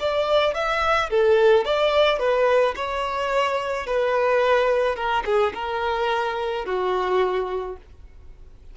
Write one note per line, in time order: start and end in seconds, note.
0.00 0.55 D5
0.55 1.10 E5
1.11 1.65 A4
1.65 2.20 D5
2.20 2.75 B4
2.76 3.87 C#5
3.87 4.96 B4
4.96 5.24 A#4
5.26 5.54 G#4
5.55 6.66 A#4
6.66 7.77 F#4